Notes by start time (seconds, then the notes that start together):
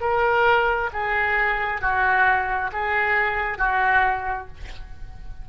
0.00 A#4
0.92 G#4
1.81 F#4
2.72 G#4
3.58 F#4